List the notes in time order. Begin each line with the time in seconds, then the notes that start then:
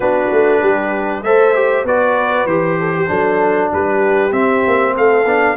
0.00 B3 D4 F#4 B4
0.32 A3
0.61 G3 G4
1.23 A3 A4 C5 E5
1.55 G4
1.84 B3 F#4 B4 D5
2.45 E3 G4 C5
2.79 A4
2.96 G4
3.07 F#3 D4 A4
3.73 G3 G4 B4
4.31 C4 E5
4.66 A#3
4.95 A3 A4 F5
5.25 B3 D4